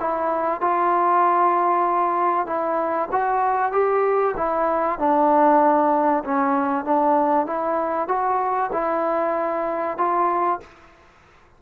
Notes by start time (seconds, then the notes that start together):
0.00 E4
0.61 F4
2.46 E4
3.12 F#4
3.72 G4
4.37 E4
4.99 D4
6.25 C#4
6.85 D4
7.47 E4
8.08 F#4
8.73 E4
9.98 F4